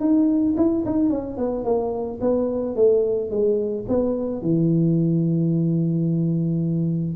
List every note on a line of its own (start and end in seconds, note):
0.00 0.55 D#4
0.57 0.84 E4
0.86 1.10 D#4
1.10 1.37 C#4
1.37 1.64 B3
1.64 2.19 A#3
2.21 2.76 B3
2.76 3.31 A3
3.31 3.86 G#3
3.88 4.41 B3
4.41 7.16 E3